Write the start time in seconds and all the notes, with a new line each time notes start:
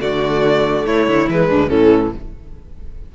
0.00 D3 A3 F#4 D5
0.86 A3 E4 C#5
1.07 D3
1.29 E3 G#3 B4
1.48 D2 D4
1.68 A2 E3 C#4 A4